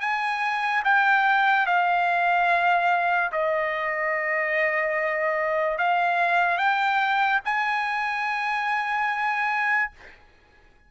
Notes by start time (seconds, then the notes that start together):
0.00 G#5
0.84 G5
1.66 F5
3.32 D#5
5.78 F5
6.57 G5
7.44 G#5